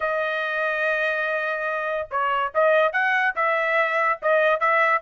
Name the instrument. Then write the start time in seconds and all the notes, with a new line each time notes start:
trumpet
0.00 D#5
2.10 C#5
2.54 D#5
2.92 F#5
3.35 E5
4.22 D#5
4.59 E5